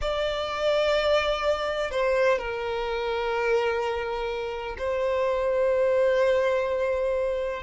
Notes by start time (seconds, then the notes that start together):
0.01 D5
1.90 C5
2.38 A#4
4.78 C5